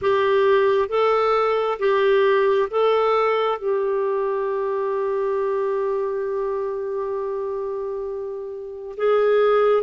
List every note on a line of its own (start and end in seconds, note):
0.01 0.88 G4
0.88 1.78 A4
1.79 2.69 G4
2.70 3.58 A4
3.58 8.96 G4
8.97 9.83 G#4